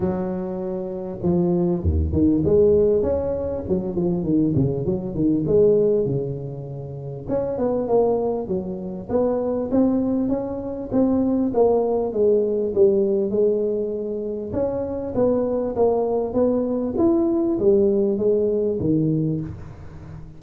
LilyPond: \new Staff \with { instrumentName = "tuba" } { \time 4/4 \tempo 4 = 99 fis2 f4 dis,8 dis8 | gis4 cis'4 fis8 f8 dis8 cis8 | fis8 dis8 gis4 cis2 | cis'8 b8 ais4 fis4 b4 |
c'4 cis'4 c'4 ais4 | gis4 g4 gis2 | cis'4 b4 ais4 b4 | e'4 g4 gis4 dis4 | }